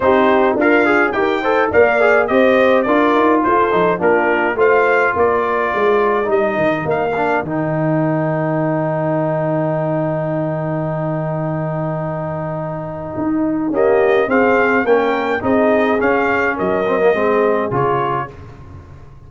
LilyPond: <<
  \new Staff \with { instrumentName = "trumpet" } { \time 4/4 \tempo 4 = 105 c''4 f''4 g''4 f''4 | dis''4 d''4 c''4 ais'4 | f''4 d''2 dis''4 | f''4 g''2.~ |
g''1~ | g''1 | dis''4 f''4 g''4 dis''4 | f''4 dis''2 cis''4 | }
  \new Staff \with { instrumentName = "horn" } { \time 4/4 g'4 f'4 ais'8 c''8 d''4 | c''4 ais'4 a'4 f'4 | c''4 ais'2.~ | ais'1~ |
ais'1~ | ais'1 | g'4 gis'4 ais'4 gis'4~ | gis'4 ais'4 gis'2 | }
  \new Staff \with { instrumentName = "trombone" } { \time 4/4 dis'4 ais'8 gis'8 g'8 a'8 ais'8 gis'8 | g'4 f'4. dis'8 d'4 | f'2. dis'4~ | dis'8 d'8 dis'2.~ |
dis'1~ | dis'1 | ais4 c'4 cis'4 dis'4 | cis'4. c'16 ais16 c'4 f'4 | }
  \new Staff \with { instrumentName = "tuba" } { \time 4/4 c'4 d'4 dis'4 ais4 | c'4 d'8 dis'8 f'8 f8 ais4 | a4 ais4 gis4 g8 dis8 | ais4 dis2.~ |
dis1~ | dis2. dis'4 | cis'4 c'4 ais4 c'4 | cis'4 fis4 gis4 cis4 | }
>>